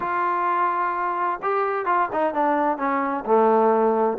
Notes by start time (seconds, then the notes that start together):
0.00 F4
1.42 G4
1.85 F4
2.12 D#4
2.34 D4
2.77 C#4
3.25 A3